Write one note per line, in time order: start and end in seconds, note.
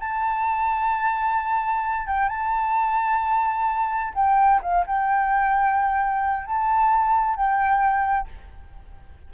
0.00 2.07 A5
2.07 2.29 G5
2.29 4.13 A5
4.14 4.60 G5
4.62 4.85 F5
4.87 6.46 G5
6.46 7.36 A5
7.36 8.28 G5